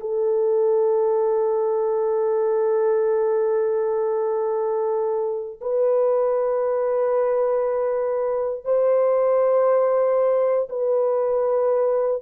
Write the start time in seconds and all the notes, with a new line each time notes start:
0.00 A4
5.61 B4
8.64 C5
10.70 B4